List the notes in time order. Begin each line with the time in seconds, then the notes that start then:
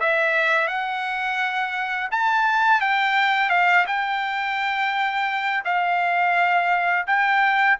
0.00 E5
0.68 F#5
2.11 A5
2.81 G5
3.50 F5
3.87 G5
5.65 F5
7.07 G5